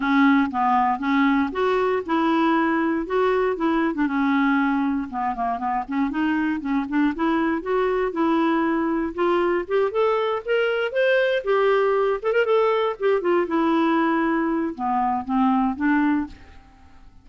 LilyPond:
\new Staff \with { instrumentName = "clarinet" } { \time 4/4 \tempo 4 = 118 cis'4 b4 cis'4 fis'4 | e'2 fis'4 e'8. d'16 | cis'2 b8 ais8 b8 cis'8 | dis'4 cis'8 d'8 e'4 fis'4 |
e'2 f'4 g'8 a'8~ | a'8 ais'4 c''4 g'4. | a'16 ais'16 a'4 g'8 f'8 e'4.~ | e'4 b4 c'4 d'4 | }